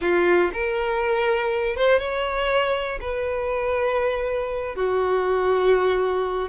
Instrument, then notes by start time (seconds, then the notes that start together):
violin
0.01 F4
0.53 A#4
1.76 C5
1.99 C#5
3.00 B4
4.75 F#4